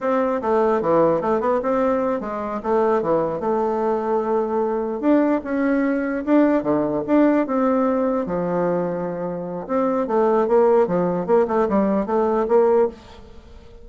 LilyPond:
\new Staff \with { instrumentName = "bassoon" } { \time 4/4 \tempo 4 = 149 c'4 a4 e4 a8 b8 | c'4. gis4 a4 e8~ | e8 a2.~ a8~ | a8 d'4 cis'2 d'8~ |
d'8 d4 d'4 c'4.~ | c'8 f2.~ f8 | c'4 a4 ais4 f4 | ais8 a8 g4 a4 ais4 | }